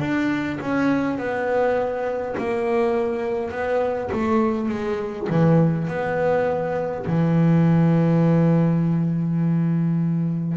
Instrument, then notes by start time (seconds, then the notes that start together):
double bass
0.00 D4
0.60 C#4
1.18 B3
2.38 A#3
3.51 B3
4.12 A3
4.69 G#3
5.29 E3
5.88 B3
7.06 E3